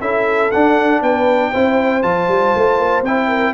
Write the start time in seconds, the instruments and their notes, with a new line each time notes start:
0.00 tuba C#4, trombone E4, horn A4, trumpet E5
0.51 trombone D4, tuba D4, trumpet F#5
1.01 tuba B3, horn B4, trumpet G5
1.50 tuba C4, trombone E4, horn C5
2.02 tuba F3, trombone F4, trumpet A5
2.27 tuba G3
2.55 tuba A3
2.78 tuba A#3
3.02 tuba C4, trombone E4, trumpet G5
3.27 horn A#4